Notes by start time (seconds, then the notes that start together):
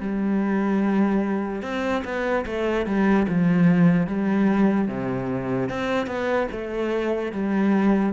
0.00 G3
1.63 C4
2.05 B3
2.46 A3
2.86 G3
3.28 F3
4.07 G3
4.88 C3
5.70 C4
6.07 B3
6.51 A3
7.32 G3